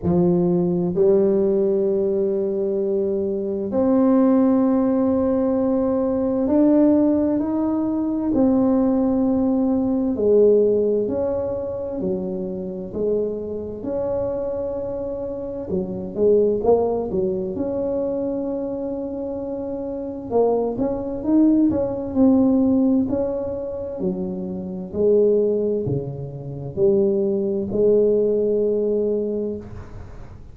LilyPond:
\new Staff \with { instrumentName = "tuba" } { \time 4/4 \tempo 4 = 65 f4 g2. | c'2. d'4 | dis'4 c'2 gis4 | cis'4 fis4 gis4 cis'4~ |
cis'4 fis8 gis8 ais8 fis8 cis'4~ | cis'2 ais8 cis'8 dis'8 cis'8 | c'4 cis'4 fis4 gis4 | cis4 g4 gis2 | }